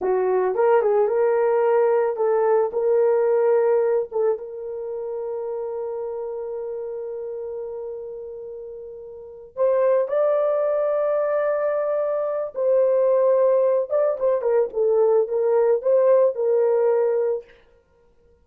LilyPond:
\new Staff \with { instrumentName = "horn" } { \time 4/4 \tempo 4 = 110 fis'4 ais'8 gis'8 ais'2 | a'4 ais'2~ ais'8 a'8 | ais'1~ | ais'1~ |
ais'4. c''4 d''4.~ | d''2. c''4~ | c''4. d''8 c''8 ais'8 a'4 | ais'4 c''4 ais'2 | }